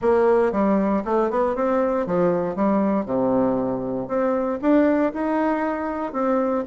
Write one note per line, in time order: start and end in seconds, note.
0.01 0.52 A#3
0.52 1.03 G3
1.05 1.30 A3
1.30 1.55 B3
1.55 2.06 C4
2.06 2.55 F3
2.55 3.05 G3
3.05 4.08 C3
4.08 4.59 C4
4.61 5.12 D4
5.13 6.12 D#4
6.12 6.64 C4